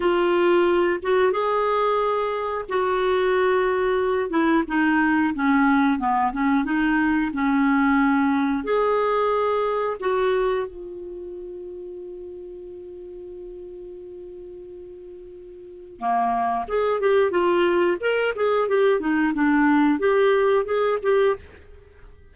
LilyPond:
\new Staff \with { instrumentName = "clarinet" } { \time 4/4 \tempo 4 = 90 f'4. fis'8 gis'2 | fis'2~ fis'8 e'8 dis'4 | cis'4 b8 cis'8 dis'4 cis'4~ | cis'4 gis'2 fis'4 |
f'1~ | f'1 | ais4 gis'8 g'8 f'4 ais'8 gis'8 | g'8 dis'8 d'4 g'4 gis'8 g'8 | }